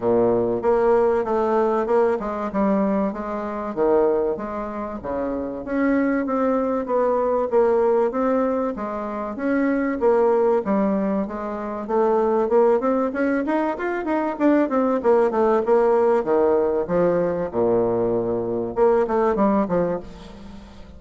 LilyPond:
\new Staff \with { instrumentName = "bassoon" } { \time 4/4 \tempo 4 = 96 ais,4 ais4 a4 ais8 gis8 | g4 gis4 dis4 gis4 | cis4 cis'4 c'4 b4 | ais4 c'4 gis4 cis'4 |
ais4 g4 gis4 a4 | ais8 c'8 cis'8 dis'8 f'8 dis'8 d'8 c'8 | ais8 a8 ais4 dis4 f4 | ais,2 ais8 a8 g8 f8 | }